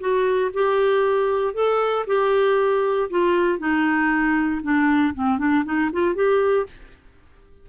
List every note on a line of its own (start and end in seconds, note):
0.00 0.51 F#4
0.54 1.54 G4
1.54 2.06 A4
2.07 3.10 G4
3.10 3.59 F4
3.59 4.61 D#4
4.63 5.14 D4
5.14 5.38 C4
5.38 5.64 D4
5.65 5.91 D#4
5.93 6.15 F4
6.15 6.66 G4